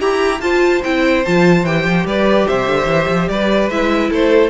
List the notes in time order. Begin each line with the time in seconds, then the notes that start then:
0.00 E4 G4 A#5
0.41 F4 C5 A5
0.84 C4 E4 G5
1.25 F3 F4 A5
1.64 E3 G4 G5
1.85 F3
2.06 G3 B4 D5
2.47 C3 C5 E5
2.68 D3
2.86 E3
3.09 F3
3.29 G3 B4 D5
3.70 G#3 E4 E5
4.11 A3 A4 C5